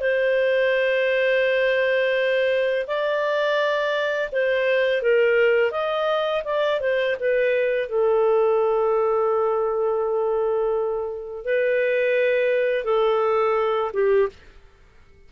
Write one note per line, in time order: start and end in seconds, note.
0.00 2.86 C5
2.87 4.30 D5
4.32 5.02 C5
5.02 5.71 A#4
5.71 6.42 D#5
6.44 6.80 D5
6.80 7.16 C5
7.19 7.89 B4
7.89 11.45 A4
11.45 12.84 B4
12.84 13.92 A4
13.93 14.29 G4